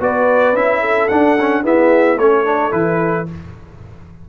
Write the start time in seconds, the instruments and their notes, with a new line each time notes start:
0.00 tuba B3, trombone F#4, horn B4, trumpet D5
0.53 tuba C#4, trombone E4, trumpet E5
0.81 horn A4
1.08 tuba D4, trombone D4, trumpet F#5
1.40 trombone C#4
1.63 trombone B3, tuba E4, horn G#4, trumpet E5
2.17 tuba A3, trombone C#4, horn A4, trumpet C#5
2.45 trombone D4
2.72 tuba E3, trombone E4, trumpet B4